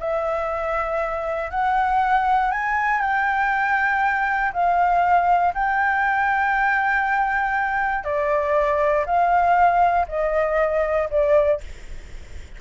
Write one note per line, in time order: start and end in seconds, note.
0.00 1.51 E5
1.51 2.51 F#5
2.52 3.01 G#5
3.01 4.52 G5
4.53 5.54 F5
5.54 8.04 G5
8.04 9.05 D5
9.06 10.07 F5
10.08 11.09 D#5
11.10 11.61 D5